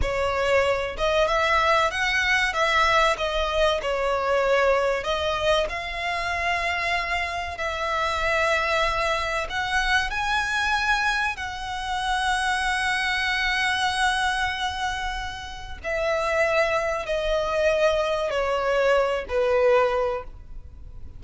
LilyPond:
\new Staff \with { instrumentName = "violin" } { \time 4/4 \tempo 4 = 95 cis''4. dis''8 e''4 fis''4 | e''4 dis''4 cis''2 | dis''4 f''2. | e''2. fis''4 |
gis''2 fis''2~ | fis''1~ | fis''4 e''2 dis''4~ | dis''4 cis''4. b'4. | }